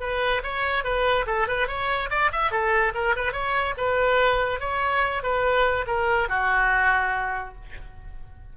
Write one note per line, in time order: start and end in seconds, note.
0.00 0.42 B4
0.43 0.84 C#5
0.84 1.26 B4
1.26 1.47 A4
1.47 1.68 B4
1.68 2.10 C#5
2.10 2.31 D5
2.32 2.51 E5
2.51 2.93 A4
2.94 3.15 A#4
3.16 3.32 B4
3.32 3.74 C#5
3.77 4.60 B4
4.60 5.23 C#5
5.23 5.86 B4
5.87 6.29 A#4
6.29 7.55 F#4